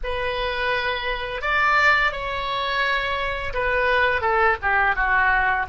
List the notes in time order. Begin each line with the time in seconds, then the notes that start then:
0.03 B4
1.41 D5
2.12 C#5
3.53 B4
4.21 A4
4.62 G4
4.95 F#4